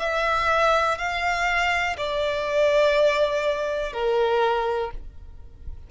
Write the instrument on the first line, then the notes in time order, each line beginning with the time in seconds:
violin
0.00 E5
0.99 F5
1.98 D5
3.93 A#4